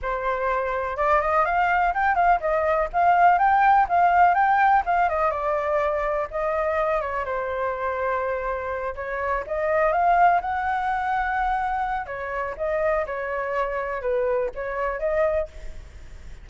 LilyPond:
\new Staff \with { instrumentName = "flute" } { \time 4/4 \tempo 4 = 124 c''2 d''8 dis''8 f''4 | g''8 f''8 dis''4 f''4 g''4 | f''4 g''4 f''8 dis''8 d''4~ | d''4 dis''4. cis''8 c''4~ |
c''2~ c''8 cis''4 dis''8~ | dis''8 f''4 fis''2~ fis''8~ | fis''4 cis''4 dis''4 cis''4~ | cis''4 b'4 cis''4 dis''4 | }